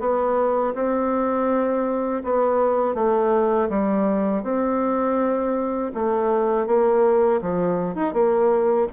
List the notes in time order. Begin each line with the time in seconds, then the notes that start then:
0.00 B3
0.75 C4
2.24 B3
2.95 A3
3.70 G3
4.43 C4
5.94 A3
6.67 A#3
7.41 F3
7.95 D#4
8.13 A#3